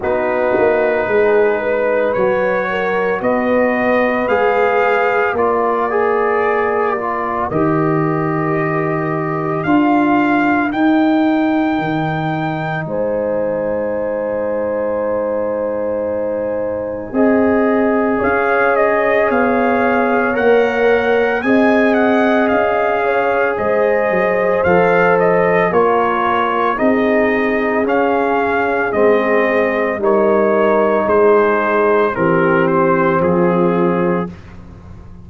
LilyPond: <<
  \new Staff \with { instrumentName = "trumpet" } { \time 4/4 \tempo 4 = 56 b'2 cis''4 dis''4 | f''4 d''2 dis''4~ | dis''4 f''4 g''2 | gis''1~ |
gis''4 f''8 dis''8 f''4 fis''4 | gis''8 fis''8 f''4 dis''4 f''8 dis''8 | cis''4 dis''4 f''4 dis''4 | cis''4 c''4 ais'8 c''8 gis'4 | }
  \new Staff \with { instrumentName = "horn" } { \time 4/4 fis'4 gis'8 b'4 ais'8 b'4~ | b'4 ais'2.~ | ais'1 | c''1 |
dis''4 cis''2. | dis''4. cis''8 c''2 | ais'4 gis'2. | ais'4 gis'4 g'4 f'4 | }
  \new Staff \with { instrumentName = "trombone" } { \time 4/4 dis'2 fis'2 | gis'4 f'8 gis'4 f'8 g'4~ | g'4 f'4 dis'2~ | dis'1 |
gis'2. ais'4 | gis'2. a'4 | f'4 dis'4 cis'4 c'4 | dis'2 c'2 | }
  \new Staff \with { instrumentName = "tuba" } { \time 4/4 b8 ais8 gis4 fis4 b4 | gis4 ais2 dis4~ | dis4 d'4 dis'4 dis4 | gis1 |
c'4 cis'4 b4 ais4 | c'4 cis'4 gis8 fis8 f4 | ais4 c'4 cis'4 gis4 | g4 gis4 e4 f4 | }
>>